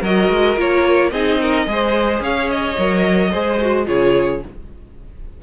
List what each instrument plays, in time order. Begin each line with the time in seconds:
0.00 cello F#3, viola F#4, violin A#4 D#5
0.29 cello G#3
0.56 cello A#3, viola F4, violin C#5
1.10 cello C4, viola D#4, violin G#4 D#5
1.40 violin A#4
1.65 cello G#3, viola G#4
1.72 violin C5
2.20 cello C#4, violin C#5 F5
2.50 violin D#5
2.78 cello F#3, viola A#4
3.31 cello G#3, viola G#4, violin C5
3.60 viola F#4
3.85 cello C#3, viola F4, violin G#4 C#5